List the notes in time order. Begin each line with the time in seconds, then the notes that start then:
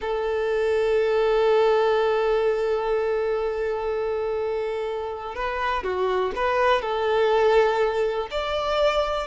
0.01 A4
5.35 B4
5.83 F#4
6.35 B4
6.81 A4
8.30 D5